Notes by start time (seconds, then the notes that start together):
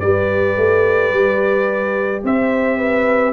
0.00 G3 G4 B4 D5
0.57 A3
1.11 G3
2.24 C4 C5 E5
2.78 B4